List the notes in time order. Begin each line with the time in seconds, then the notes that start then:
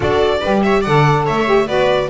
0.00 D4 F#4 A4 D5
0.40 G3 G4 B4
0.62 C#5 E5
0.80 D3 A4 D5 F#5
1.25 A3 C#5 E5
1.45 G4
1.67 B3 F#4 B4 D5